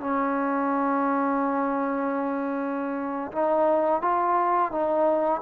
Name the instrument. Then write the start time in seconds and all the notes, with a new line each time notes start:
trombone
0.00 C#4
3.32 D#4
4.01 F4
4.71 D#4